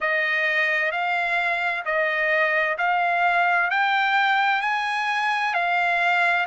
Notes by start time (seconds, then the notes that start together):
0.00 D#5
0.91 F5
1.85 D#5
2.77 F5
3.70 G5
4.61 G#5
5.53 F5